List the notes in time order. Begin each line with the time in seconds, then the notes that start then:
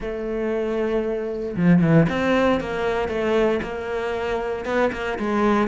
0.00 A3
1.56 F3
1.81 E3
2.09 C4
2.60 A#3
3.08 A3
3.62 A#3
4.65 B3
4.92 A#3
5.18 G#3